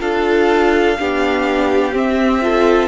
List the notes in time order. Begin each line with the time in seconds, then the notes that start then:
0.00 D4 F4 A4 F5
0.97 B3 D4 G4
1.92 C4 E5
2.42 F4 A4